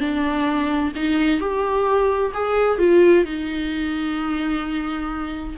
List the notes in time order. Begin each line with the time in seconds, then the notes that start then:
0.00 D4
0.95 D#4
1.40 G4
2.34 G#4
2.79 F4
3.25 D#4